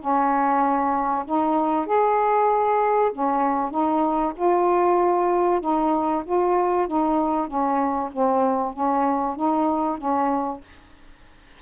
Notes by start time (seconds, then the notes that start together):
0.00 C#4
1.25 D#4
1.86 G#4
3.12 C#4
3.71 D#4
4.36 F4
5.61 D#4
6.25 F4
6.88 D#4
7.47 C#4
8.12 C4
8.73 C#4
9.36 D#4
9.98 C#4